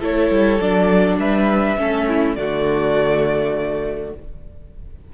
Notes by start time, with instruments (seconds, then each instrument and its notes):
0.00 cello A3, viola E4, violin A4 C#5
0.30 cello G3
0.61 cello F#3, viola D4, violin D5
1.18 cello G3, violin B4 E5
1.78 cello A3, viola C#4, violin A4
2.08 violin E4
2.36 cello D3, viola A3, violin F#4 D5